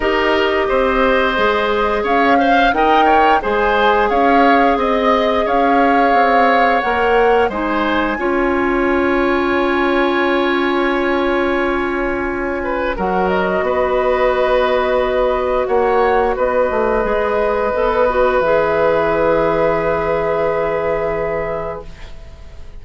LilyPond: <<
  \new Staff \with { instrumentName = "flute" } { \time 4/4 \tempo 4 = 88 dis''2. f''4 | g''4 gis''4 f''4 dis''4 | f''2 fis''4 gis''4~ | gis''1~ |
gis''2. fis''8 dis''8~ | dis''2. fis''4 | dis''2. e''4~ | e''1 | }
  \new Staff \with { instrumentName = "oboe" } { \time 4/4 ais'4 c''2 cis''8 f''8 | dis''8 cis''8 c''4 cis''4 dis''4 | cis''2. c''4 | cis''1~ |
cis''2~ cis''8 b'8 ais'4 | b'2. cis''4 | b'1~ | b'1 | }
  \new Staff \with { instrumentName = "clarinet" } { \time 4/4 g'2 gis'4. c''8 | ais'4 gis'2.~ | gis'2 ais'4 dis'4 | f'1~ |
f'2. fis'4~ | fis'1~ | fis'4 gis'4 a'8 fis'8 gis'4~ | gis'1 | }
  \new Staff \with { instrumentName = "bassoon" } { \time 4/4 dis'4 c'4 gis4 cis'4 | dis'4 gis4 cis'4 c'4 | cis'4 c'4 ais4 gis4 | cis'1~ |
cis'2. fis4 | b2. ais4 | b8 a8 gis4 b4 e4~ | e1 | }
>>